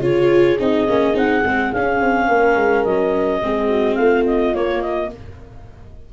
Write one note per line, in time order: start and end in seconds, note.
0.00 0.57 C#3
0.00 0.58 F4
0.00 2.29 G#4
0.00 0.59 C#5
0.60 0.88 C4
0.60 0.88 D#4
0.60 1.18 D#5
0.89 1.15 A#3
0.89 1.14 C#4
1.14 1.43 C4
1.14 1.43 D#4
1.14 1.73 F#5
1.44 1.73 G#3
1.44 1.74 C4
1.73 2.01 C#4
1.73 3.42 C#4
1.73 2.85 F5
2.01 2.29 C4
2.29 2.57 A#3
2.29 3.42 A#4
2.57 2.85 G#3
2.85 3.42 F#3
2.85 3.95 D#5
3.42 3.98 G#3
3.42 4.55 C4
3.42 3.69 G#4
3.69 3.97 F#4
3.95 4.55 A3
3.95 5.12 F4
3.95 4.23 F5
4.27 4.55 D#5
4.55 5.11 A#3
4.55 5.13 A#3
4.55 4.82 C#5
4.82 5.10 D#5